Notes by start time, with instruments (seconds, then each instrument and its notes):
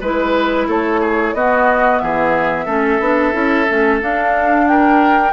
0.00 bassoon G#3, clarinet E4, oboe B4, flute B4
0.67 bassoon A3, oboe A4, flute C#5
1.00 oboe G#4
1.33 bassoon B3, clarinet B3, oboe F#4, flute D#5
1.99 bassoon E3, oboe G#4, flute E5
2.65 bassoon A3, clarinet C#4, oboe A4
2.99 bassoon B3, clarinet D4
3.32 bassoon C#4, clarinet E4
3.68 bassoon A3, clarinet C#4
4.01 clarinet D4, bassoon D4, flute F5
4.67 oboe A#4, flute G5